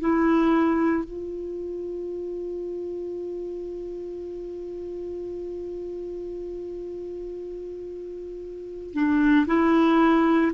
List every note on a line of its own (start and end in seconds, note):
0.00 1.05 E4
1.05 8.94 F4
8.94 9.46 D4
9.47 10.52 E4